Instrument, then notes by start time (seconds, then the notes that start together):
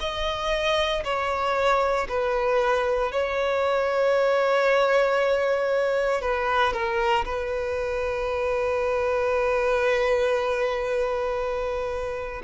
violin
0.00 D#5
1.04 C#5
2.08 B4
3.12 C#5
6.22 B4
6.73 A#4
7.25 B4